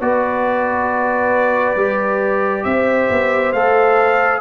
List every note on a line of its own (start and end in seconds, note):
0.00 1.76 B3
0.00 1.77 F#4
0.00 2.66 B4
0.00 2.64 D5
1.76 2.64 G3
1.76 3.54 G4
2.64 3.09 C4
2.64 4.41 C5
2.64 3.52 E5
3.10 3.53 B3
3.52 4.41 A3
3.52 4.41 A4
3.52 4.41 F5